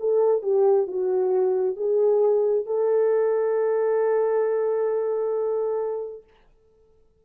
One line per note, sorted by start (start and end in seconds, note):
0.00 0.42 A4
0.42 0.87 G4
0.87 1.77 F#4
1.77 2.66 G#4
2.66 6.24 A4